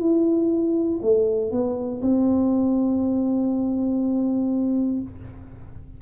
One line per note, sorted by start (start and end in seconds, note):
0.00 1.00 E4
1.02 1.52 A3
1.52 2.02 B3
2.02 5.02 C4